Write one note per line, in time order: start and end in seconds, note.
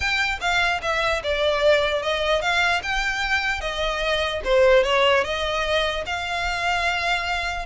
0.00 0.39 G5
0.40 0.81 F5
0.82 1.22 E5
1.23 2.02 D5
2.02 2.41 D#5
2.41 2.81 F5
2.82 3.60 G5
3.60 4.41 D#5
4.44 4.83 C5
4.83 5.23 C#5
5.24 6.04 D#5
6.06 7.65 F5